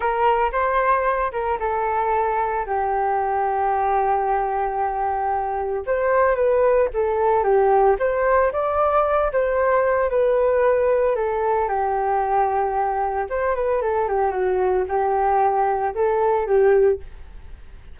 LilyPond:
\new Staff \with { instrumentName = "flute" } { \time 4/4 \tempo 4 = 113 ais'4 c''4. ais'8 a'4~ | a'4 g'2.~ | g'2. c''4 | b'4 a'4 g'4 c''4 |
d''4. c''4. b'4~ | b'4 a'4 g'2~ | g'4 c''8 b'8 a'8 g'8 fis'4 | g'2 a'4 g'4 | }